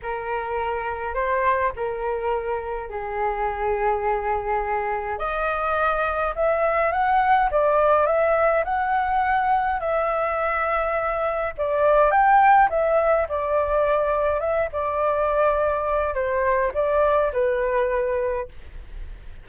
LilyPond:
\new Staff \with { instrumentName = "flute" } { \time 4/4 \tempo 4 = 104 ais'2 c''4 ais'4~ | ais'4 gis'2.~ | gis'4 dis''2 e''4 | fis''4 d''4 e''4 fis''4~ |
fis''4 e''2. | d''4 g''4 e''4 d''4~ | d''4 e''8 d''2~ d''8 | c''4 d''4 b'2 | }